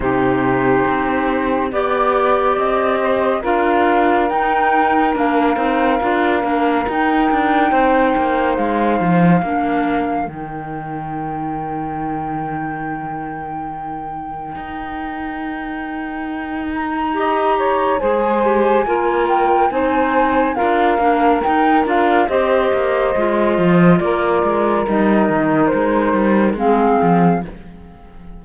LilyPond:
<<
  \new Staff \with { instrumentName = "flute" } { \time 4/4 \tempo 4 = 70 c''2 d''4 dis''4 | f''4 g''4 f''2 | g''2 f''2 | g''1~ |
g''2.~ g''8 ais''8~ | ais''4 gis''4. g''8 gis''4 | f''4 g''8 f''8 dis''2 | d''4 dis''4 c''4 f''4 | }
  \new Staff \with { instrumentName = "saxophone" } { \time 4/4 g'2 d''4. c''8 | ais'1~ | ais'4 c''2 ais'4~ | ais'1~ |
ais'1 | dis''8 cis''8 c''4 ais'4 c''4 | ais'2 c''2 | ais'2. gis'4 | }
  \new Staff \with { instrumentName = "clarinet" } { \time 4/4 dis'2 g'2 | f'4 dis'4 d'8 dis'8 f'8 d'8 | dis'2. d'4 | dis'1~ |
dis'1 | g'4 gis'8 g'8 f'4 dis'4 | f'8 d'8 dis'8 f'8 g'4 f'4~ | f'4 dis'2 c'4 | }
  \new Staff \with { instrumentName = "cello" } { \time 4/4 c4 c'4 b4 c'4 | d'4 dis'4 ais8 c'8 d'8 ais8 | dis'8 d'8 c'8 ais8 gis8 f8 ais4 | dis1~ |
dis4 dis'2.~ | dis'4 gis4 ais4 c'4 | d'8 ais8 dis'8 d'8 c'8 ais8 gis8 f8 | ais8 gis8 g8 dis8 gis8 g8 gis8 f8 | }
>>